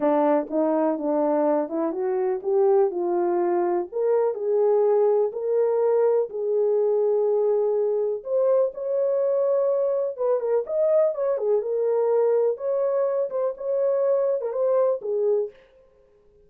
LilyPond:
\new Staff \with { instrumentName = "horn" } { \time 4/4 \tempo 4 = 124 d'4 dis'4 d'4. e'8 | fis'4 g'4 f'2 | ais'4 gis'2 ais'4~ | ais'4 gis'2.~ |
gis'4 c''4 cis''2~ | cis''4 b'8 ais'8 dis''4 cis''8 gis'8 | ais'2 cis''4. c''8 | cis''4.~ cis''16 ais'16 c''4 gis'4 | }